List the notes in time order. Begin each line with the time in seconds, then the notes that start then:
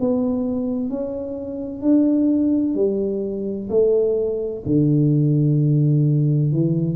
0.00 B3
0.89 C#4
1.82 D4
2.75 G3
3.69 A3
4.65 D3
6.52 E3